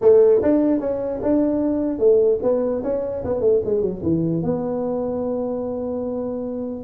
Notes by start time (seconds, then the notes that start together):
0.01 A3
0.42 D4
0.80 C#4
1.22 D4
1.98 A3
2.42 B3
2.83 C#4
3.24 B3
3.40 A3
3.64 G#3
3.81 F#3
4.02 E3
4.42 B3